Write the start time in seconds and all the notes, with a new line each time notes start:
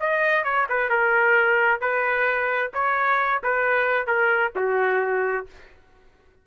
0.00 D#5
0.44 C#5
0.69 B4
0.90 A#4
1.81 B4
2.74 C#5
3.43 B4
4.07 A#4
4.55 F#4